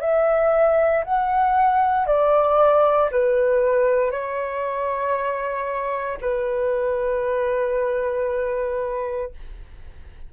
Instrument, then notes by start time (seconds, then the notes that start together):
flute
0.00 E5
1.04 F#5
2.06 D5
3.11 B4
4.11 C#5
6.21 B4